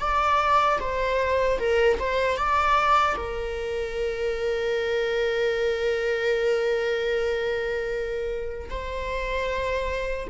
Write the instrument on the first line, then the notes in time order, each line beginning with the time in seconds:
viola
0.00 D5
0.80 C5
1.59 A#4
2.00 C5
2.38 D5
3.17 A#4
8.70 C5